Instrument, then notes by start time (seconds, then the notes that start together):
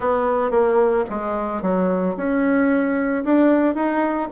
bassoon
0.00 B3
0.51 A#3
1.09 G#3
1.62 F#3
2.16 C#4
3.24 D4
3.75 D#4